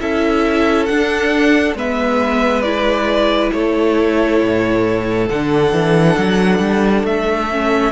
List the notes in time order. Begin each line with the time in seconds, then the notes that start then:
0.00 C#4 E4 A4 E5
0.86 D4 F#5
1.74 G#3 B3 B4 E5
2.61 E4 D5
3.52 A3 A4 C#5
4.41 A2
5.29 D3 D4 F#5
5.72 E3
6.17 F#3
6.59 G3
7.03 A3 E5
7.51 C#4